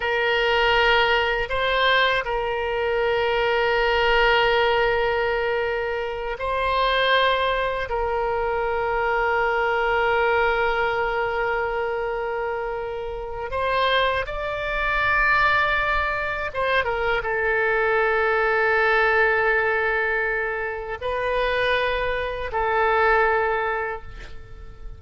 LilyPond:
\new Staff \with { instrumentName = "oboe" } { \time 4/4 \tempo 4 = 80 ais'2 c''4 ais'4~ | ais'1~ | ais'8 c''2 ais'4.~ | ais'1~ |
ais'2 c''4 d''4~ | d''2 c''8 ais'8 a'4~ | a'1 | b'2 a'2 | }